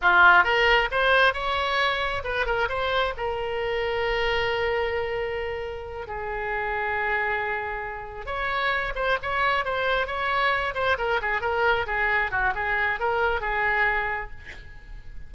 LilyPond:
\new Staff \with { instrumentName = "oboe" } { \time 4/4 \tempo 4 = 134 f'4 ais'4 c''4 cis''4~ | cis''4 b'8 ais'8 c''4 ais'4~ | ais'1~ | ais'4. gis'2~ gis'8~ |
gis'2~ gis'8 cis''4. | c''8 cis''4 c''4 cis''4. | c''8 ais'8 gis'8 ais'4 gis'4 fis'8 | gis'4 ais'4 gis'2 | }